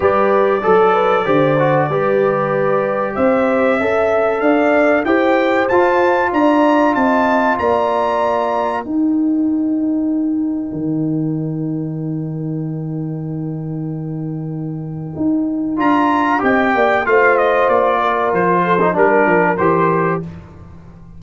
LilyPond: <<
  \new Staff \with { instrumentName = "trumpet" } { \time 4/4 \tempo 4 = 95 d''1~ | d''4 e''2 f''4 | g''4 a''4 ais''4 a''4 | ais''2 g''2~ |
g''1~ | g''1~ | g''4 ais''4 g''4 f''8 dis''8 | d''4 c''4 ais'4 c''4 | }
  \new Staff \with { instrumentName = "horn" } { \time 4/4 b'4 a'8 b'8 c''4 b'4~ | b'4 c''4 e''4 d''4 | c''2 d''4 dis''4 | d''2 ais'2~ |
ais'1~ | ais'1~ | ais'2 dis''8 d''8 c''4~ | c''8 ais'4 a'8 ais'2 | }
  \new Staff \with { instrumentName = "trombone" } { \time 4/4 g'4 a'4 g'8 fis'8 g'4~ | g'2 a'2 | g'4 f'2.~ | f'2 dis'2~ |
dis'1~ | dis'1~ | dis'4 f'4 g'4 f'4~ | f'4.~ f'16 dis'16 d'4 g'4 | }
  \new Staff \with { instrumentName = "tuba" } { \time 4/4 g4 fis4 d4 g4~ | g4 c'4 cis'4 d'4 | e'4 f'4 d'4 c'4 | ais2 dis'2~ |
dis'4 dis2.~ | dis1 | dis'4 d'4 c'8 ais8 a4 | ais4 f4 g8 f8 e4 | }
>>